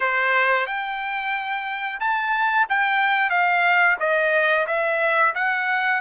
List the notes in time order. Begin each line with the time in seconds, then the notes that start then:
0.00 C5
0.66 G5
2.00 A5
2.69 G5
3.30 F5
3.99 D#5
4.67 E5
5.35 F#5